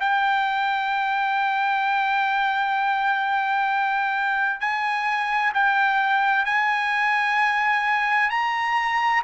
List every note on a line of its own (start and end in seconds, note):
0.00 4.60 G5
4.60 5.53 G#5
5.54 6.45 G5
6.45 8.30 G#5
8.30 9.23 A#5